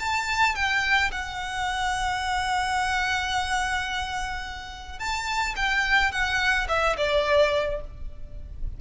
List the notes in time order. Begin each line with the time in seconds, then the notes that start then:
0.00 A5
0.56 G5
1.12 F#5
4.99 A5
5.56 G5
6.12 F#5
6.69 E5
6.98 D5